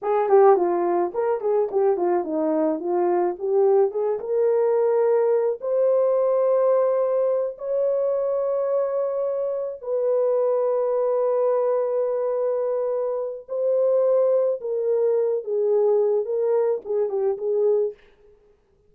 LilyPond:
\new Staff \with { instrumentName = "horn" } { \time 4/4 \tempo 4 = 107 gis'8 g'8 f'4 ais'8 gis'8 g'8 f'8 | dis'4 f'4 g'4 gis'8 ais'8~ | ais'2 c''2~ | c''4. cis''2~ cis''8~ |
cis''4. b'2~ b'8~ | b'1 | c''2 ais'4. gis'8~ | gis'4 ais'4 gis'8 g'8 gis'4 | }